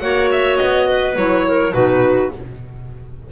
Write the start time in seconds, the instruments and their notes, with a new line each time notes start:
0.00 double bass A#3, clarinet F#4 C#5, violin F#5
0.32 violin E5
0.57 double bass B3, violin D#5
0.88 clarinet B4
1.16 double bass F#3, clarinet E4, violin C#5
1.48 clarinet A#4
1.72 double bass B2, clarinet D#4 F#4, violin B4